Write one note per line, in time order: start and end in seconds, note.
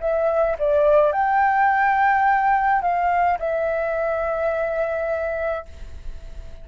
0.00 0.57 E5
0.59 1.12 D5
1.12 2.81 G5
2.81 3.38 F5
3.39 5.66 E5